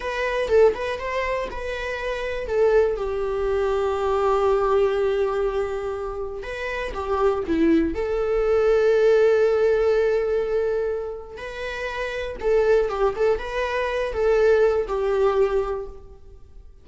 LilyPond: \new Staff \with { instrumentName = "viola" } { \time 4/4 \tempo 4 = 121 b'4 a'8 b'8 c''4 b'4~ | b'4 a'4 g'2~ | g'1~ | g'4 b'4 g'4 e'4 |
a'1~ | a'2. b'4~ | b'4 a'4 g'8 a'8 b'4~ | b'8 a'4. g'2 | }